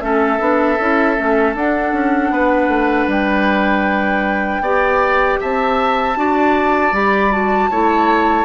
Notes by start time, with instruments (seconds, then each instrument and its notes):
0.00 bassoon A3, clarinet C#4, oboe A4, flute E5
0.39 bassoon B3, clarinet D4
0.79 bassoon C#4, clarinet E4
1.17 bassoon A3, clarinet C#4
1.55 bassoon D4, clarinet D4, flute F#5
1.92 bassoon C#4
2.30 bassoon B3, oboe B4
2.68 bassoon A3
3.07 bassoon G3, flute G5
4.60 bassoon B3, clarinet G4, oboe D5
5.40 bassoon C4, oboe E5, flute A5
6.16 bassoon D4, clarinet F#4, oboe D5
6.92 bassoon G3, clarinet G4, flute B5
7.31 clarinet F#4, flute A5
7.70 bassoon A3, clarinet E4, oboe C#5